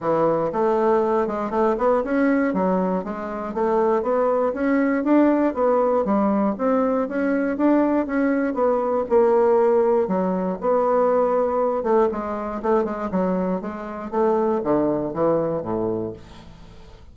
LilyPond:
\new Staff \with { instrumentName = "bassoon" } { \time 4/4 \tempo 4 = 119 e4 a4. gis8 a8 b8 | cis'4 fis4 gis4 a4 | b4 cis'4 d'4 b4 | g4 c'4 cis'4 d'4 |
cis'4 b4 ais2 | fis4 b2~ b8 a8 | gis4 a8 gis8 fis4 gis4 | a4 d4 e4 a,4 | }